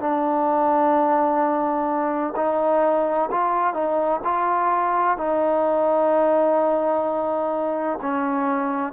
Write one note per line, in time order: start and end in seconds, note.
0.00 2.34 D4
2.36 3.30 D#4
3.31 3.74 F4
3.74 4.21 D#4
4.24 5.18 F4
5.18 7.99 D#4
8.02 8.93 C#4